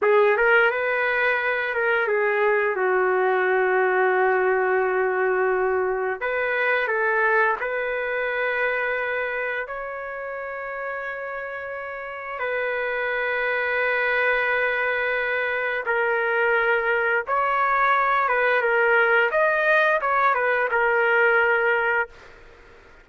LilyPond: \new Staff \with { instrumentName = "trumpet" } { \time 4/4 \tempo 4 = 87 gis'8 ais'8 b'4. ais'8 gis'4 | fis'1~ | fis'4 b'4 a'4 b'4~ | b'2 cis''2~ |
cis''2 b'2~ | b'2. ais'4~ | ais'4 cis''4. b'8 ais'4 | dis''4 cis''8 b'8 ais'2 | }